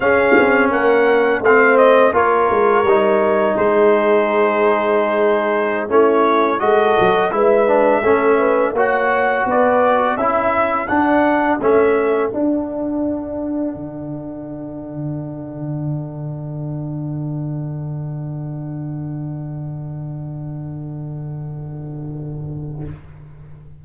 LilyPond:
<<
  \new Staff \with { instrumentName = "trumpet" } { \time 4/4 \tempo 4 = 84 f''4 fis''4 f''8 dis''8 cis''4~ | cis''4 c''2.~ | c''16 cis''4 dis''4 e''4.~ e''16~ | e''16 fis''4 d''4 e''4 fis''8.~ |
fis''16 e''4 fis''2~ fis''8.~ | fis''1~ | fis''1~ | fis''1 | }
  \new Staff \with { instrumentName = "horn" } { \time 4/4 gis'4 ais'4 c''4 ais'4~ | ais'4 gis'2.~ | gis'16 e'4 a'4 b'4 a'8 b'16~ | b'16 cis''4 b'4 a'4.~ a'16~ |
a'1~ | a'1~ | a'1~ | a'1 | }
  \new Staff \with { instrumentName = "trombone" } { \time 4/4 cis'2 c'4 f'4 | dis'1~ | dis'16 cis'4 fis'4 e'8 d'8 cis'8.~ | cis'16 fis'2 e'4 d'8.~ |
d'16 cis'4 d'2~ d'8.~ | d'1~ | d'1~ | d'1 | }
  \new Staff \with { instrumentName = "tuba" } { \time 4/4 cis'8 c'8 ais4 a4 ais8 gis8 | g4 gis2.~ | gis16 a4 gis8 fis8 gis4 a8.~ | a16 ais4 b4 cis'4 d'8.~ |
d'16 a4 d'2 d8.~ | d1~ | d1~ | d1 | }
>>